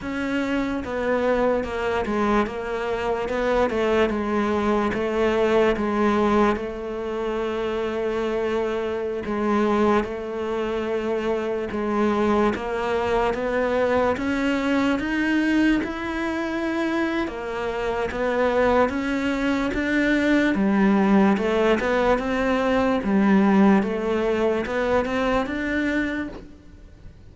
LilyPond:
\new Staff \with { instrumentName = "cello" } { \time 4/4 \tempo 4 = 73 cis'4 b4 ais8 gis8 ais4 | b8 a8 gis4 a4 gis4 | a2.~ a16 gis8.~ | gis16 a2 gis4 ais8.~ |
ais16 b4 cis'4 dis'4 e'8.~ | e'4 ais4 b4 cis'4 | d'4 g4 a8 b8 c'4 | g4 a4 b8 c'8 d'4 | }